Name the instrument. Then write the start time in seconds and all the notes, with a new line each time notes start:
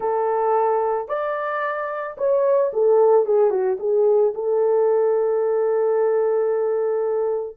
horn
0.00 A4
1.08 D5
2.17 C#5
2.73 A4
3.25 G#4
3.50 F#4
3.79 G#4
4.34 A4